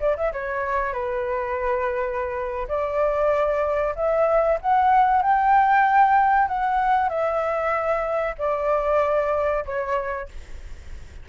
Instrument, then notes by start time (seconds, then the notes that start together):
flute
0.00 D5
0.16 E5
0.32 C#5
0.93 B4
2.68 D5
3.95 E5
4.61 F#5
5.22 G5
6.47 F#5
7.09 E5
8.38 D5
9.65 C#5